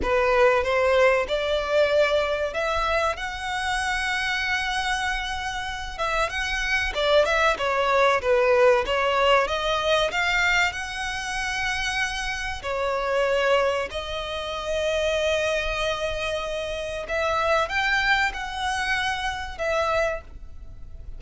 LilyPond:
\new Staff \with { instrumentName = "violin" } { \time 4/4 \tempo 4 = 95 b'4 c''4 d''2 | e''4 fis''2.~ | fis''4. e''8 fis''4 d''8 e''8 | cis''4 b'4 cis''4 dis''4 |
f''4 fis''2. | cis''2 dis''2~ | dis''2. e''4 | g''4 fis''2 e''4 | }